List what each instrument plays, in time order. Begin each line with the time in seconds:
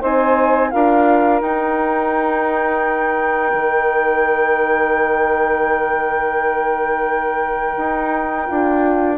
0.00 bassoon C4, horn D#4, saxophone C5, flute G#5
0.71 bassoon D4, horn F4, saxophone A#4, flute F5
1.42 bassoon D#4, horn D#4, flute G5
3.54 bassoon D#3
7.77 bassoon D#4
8.47 bassoon D4, horn F4